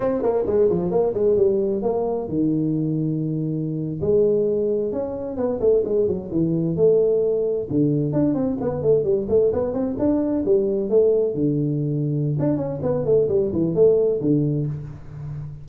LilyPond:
\new Staff \with { instrumentName = "tuba" } { \time 4/4 \tempo 4 = 131 c'8 ais8 gis8 f8 ais8 gis8 g4 | ais4 dis2.~ | dis8. gis2 cis'4 b16~ | b16 a8 gis8 fis8 e4 a4~ a16~ |
a8. d4 d'8 c'8 b8 a8 g16~ | g16 a8 b8 c'8 d'4 g4 a16~ | a8. d2~ d16 d'8 cis'8 | b8 a8 g8 e8 a4 d4 | }